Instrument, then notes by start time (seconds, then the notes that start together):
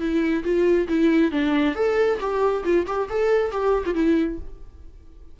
viola
0.00 E4
0.44 F4
0.89 E4
1.32 D4
1.75 A4
2.20 G4
2.65 F4
2.87 G4
3.10 A4
3.52 G4
3.86 F4
3.95 E4